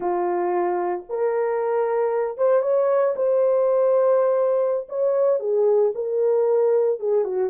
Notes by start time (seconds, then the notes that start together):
0.00 F4
1.09 A#4
2.37 C5
2.62 C#5
3.16 C5
4.88 C#5
5.39 G#4
5.94 A#4
6.99 G#4
7.24 F#4